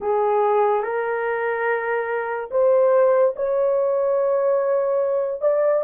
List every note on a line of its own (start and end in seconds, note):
0.00 0.83 G#4
0.83 2.50 A#4
2.50 3.34 C5
3.36 5.41 C#5
5.41 5.83 D5